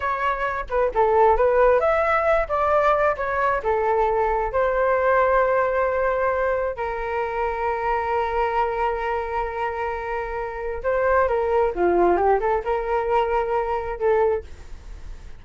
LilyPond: \new Staff \with { instrumentName = "flute" } { \time 4/4 \tempo 4 = 133 cis''4. b'8 a'4 b'4 | e''4. d''4. cis''4 | a'2 c''2~ | c''2. ais'4~ |
ais'1~ | ais'1 | c''4 ais'4 f'4 g'8 a'8 | ais'2. a'4 | }